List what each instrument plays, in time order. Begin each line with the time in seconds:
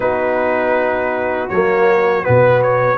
0.00 tuba B3, trombone D#4, horn F#4, trumpet B4
1.49 tuba F#3, trombone A#3, trumpet C#5
2.23 tuba B2, trombone B3, trumpet B4
2.62 trumpet C#5